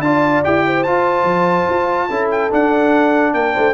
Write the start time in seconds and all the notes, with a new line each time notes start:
0.00 D4 F4 D5 A5
0.44 E4 G4 G5
0.66 C5
0.83 F4 A5
1.24 F3
1.69 F4
2.08 C#4 E4 A4
2.31 G5
2.50 D4 F#5
3.34 A#3 A#4 G5
3.54 A3 C5